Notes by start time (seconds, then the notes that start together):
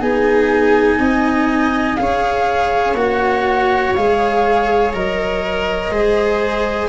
0.00 B3 D#4 G#4 G#5
0.99 C4 D#5
1.95 C#4 G#4 C#5 F5
2.94 A#3 F#4 F#5
3.94 G#3 G#4 F5
4.93 F#3 A#4 D#5
5.90 G#3 G#4 C5